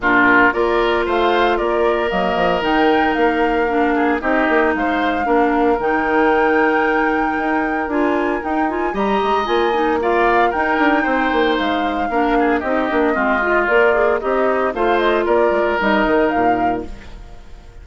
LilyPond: <<
  \new Staff \with { instrumentName = "flute" } { \time 4/4 \tempo 4 = 114 ais'4 d''4 f''4 d''4 | dis''4 g''4 f''2 | dis''4 f''2 g''4~ | g''2. gis''4 |
g''8 gis''8 ais''4 gis''4 f''4 | g''2 f''2 | dis''2 d''4 dis''4 | f''8 dis''8 d''4 dis''4 f''4 | }
  \new Staff \with { instrumentName = "oboe" } { \time 4/4 f'4 ais'4 c''4 ais'4~ | ais'2.~ ais'8 gis'8 | g'4 c''4 ais'2~ | ais'1~ |
ais'4 dis''2 d''4 | ais'4 c''2 ais'8 gis'8 | g'4 f'2 dis'4 | c''4 ais'2. | }
  \new Staff \with { instrumentName = "clarinet" } { \time 4/4 d'4 f'2. | ais4 dis'2 d'4 | dis'2 d'4 dis'4~ | dis'2. f'4 |
dis'8 f'8 g'4 f'8 dis'8 f'4 | dis'2. d'4 | dis'8 d'8 c'8 f'8 ais'8 gis'8 g'4 | f'2 dis'2 | }
  \new Staff \with { instrumentName = "bassoon" } { \time 4/4 ais,4 ais4 a4 ais4 | fis8 f8 dis4 ais2 | c'8 ais8 gis4 ais4 dis4~ | dis2 dis'4 d'4 |
dis'4 g8 gis8 ais2 | dis'8 d'8 c'8 ais8 gis4 ais4 | c'8 ais8 gis4 ais4 c'4 | a4 ais8 gis8 g8 dis8 ais,4 | }
>>